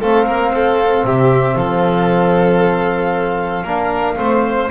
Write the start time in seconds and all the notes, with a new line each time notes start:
0.00 A3 C4 A4 F5
0.25 A#3 A#4
0.51 C4 A4
1.04 C3 G4 E5
1.55 F3 A4 F5
3.63 A#3 D4 A#4
4.15 A3 C4 C5